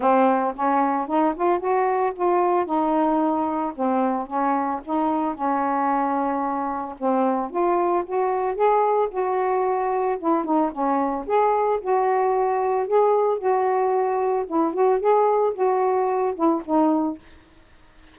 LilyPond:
\new Staff \with { instrumentName = "saxophone" } { \time 4/4 \tempo 4 = 112 c'4 cis'4 dis'8 f'8 fis'4 | f'4 dis'2 c'4 | cis'4 dis'4 cis'2~ | cis'4 c'4 f'4 fis'4 |
gis'4 fis'2 e'8 dis'8 | cis'4 gis'4 fis'2 | gis'4 fis'2 e'8 fis'8 | gis'4 fis'4. e'8 dis'4 | }